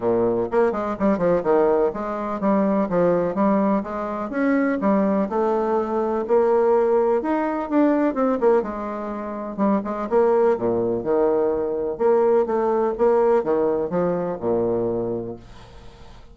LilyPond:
\new Staff \with { instrumentName = "bassoon" } { \time 4/4 \tempo 4 = 125 ais,4 ais8 gis8 g8 f8 dis4 | gis4 g4 f4 g4 | gis4 cis'4 g4 a4~ | a4 ais2 dis'4 |
d'4 c'8 ais8 gis2 | g8 gis8 ais4 ais,4 dis4~ | dis4 ais4 a4 ais4 | dis4 f4 ais,2 | }